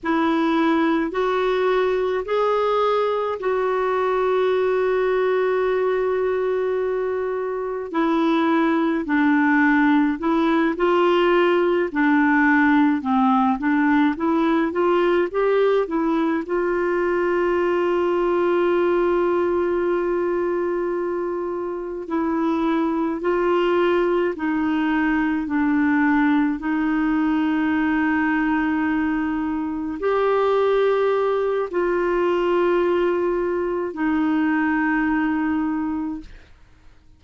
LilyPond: \new Staff \with { instrumentName = "clarinet" } { \time 4/4 \tempo 4 = 53 e'4 fis'4 gis'4 fis'4~ | fis'2. e'4 | d'4 e'8 f'4 d'4 c'8 | d'8 e'8 f'8 g'8 e'8 f'4.~ |
f'2.~ f'8 e'8~ | e'8 f'4 dis'4 d'4 dis'8~ | dis'2~ dis'8 g'4. | f'2 dis'2 | }